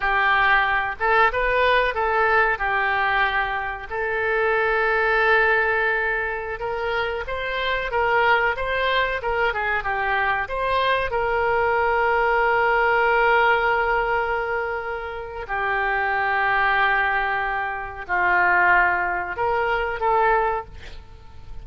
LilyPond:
\new Staff \with { instrumentName = "oboe" } { \time 4/4 \tempo 4 = 93 g'4. a'8 b'4 a'4 | g'2 a'2~ | a'2~ a'16 ais'4 c''8.~ | c''16 ais'4 c''4 ais'8 gis'8 g'8.~ |
g'16 c''4 ais'2~ ais'8.~ | ais'1 | g'1 | f'2 ais'4 a'4 | }